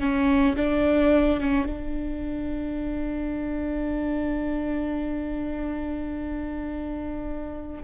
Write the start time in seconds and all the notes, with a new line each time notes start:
0.00 C#4
0.57 D4
1.40 C#4
1.66 D4